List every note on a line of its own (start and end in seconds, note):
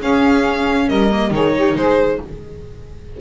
0.00 1.10 C#4
0.00 0.88 C#4
0.00 0.87 G#4
0.00 0.88 F5
0.87 1.31 G3
0.87 1.30 A#4
0.87 1.32 D#5
1.11 1.31 A#3
1.31 1.74 D#3
1.31 2.17 D#4
1.31 1.54 G#4
1.31 1.76 C#5
1.55 1.77 G4
1.75 2.19 G#3
1.75 2.20 G#4
1.75 2.20 C5